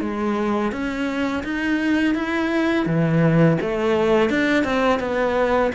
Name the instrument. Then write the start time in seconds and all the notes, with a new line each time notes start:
cello
0.00 G#3
0.71 C#4
1.43 D#4
2.14 E4
2.86 E3
3.61 A3
4.29 D4
4.64 C4
4.99 B3